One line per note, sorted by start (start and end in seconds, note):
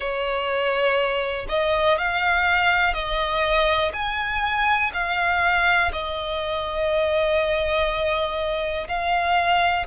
0.00 1.46 C#5
1.48 1.98 D#5
1.98 2.93 F5
2.93 3.92 D#5
3.93 4.91 G#5
4.93 5.92 F5
5.92 8.87 D#5
8.87 9.86 F5